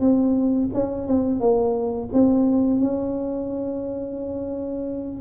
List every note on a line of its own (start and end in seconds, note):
0.00 0.69 C4
0.73 1.07 C#4
1.07 1.40 C4
1.40 2.09 A#3
2.13 2.80 C4
2.80 5.20 C#4